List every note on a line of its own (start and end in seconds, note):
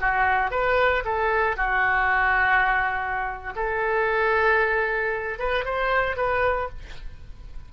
0.00 0.51 F#4
0.51 1.03 B4
1.05 1.56 A4
1.56 3.53 F#4
3.55 5.39 A4
5.39 5.64 B4
5.64 6.16 C5
6.16 6.69 B4